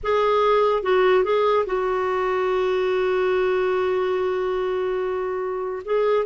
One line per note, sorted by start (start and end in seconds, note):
0.03 0.83 G#4
0.83 1.24 F#4
1.24 1.65 G#4
1.66 5.82 F#4
5.84 6.25 G#4